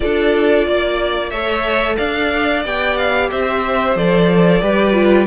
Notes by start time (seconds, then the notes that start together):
0.00 D4 F4 A4 D5
0.66 A#3 D5
1.30 A3 A4 C#5 E5
1.96 D4 D5 F5
2.64 B3 G4 G5
2.96 F5
3.30 C4 C5 E5
3.95 F3 A4 D5
4.61 G3 G4 B4
4.93 F4